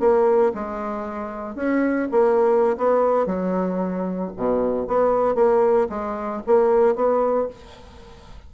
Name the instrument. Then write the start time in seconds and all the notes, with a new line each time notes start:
bassoon
0.00 A#3
0.55 G#3
1.56 C#4
2.12 A#3
2.78 B3
3.26 F#3
4.37 B2
4.88 B3
5.35 A#3
5.90 G#3
6.47 A#3
6.96 B3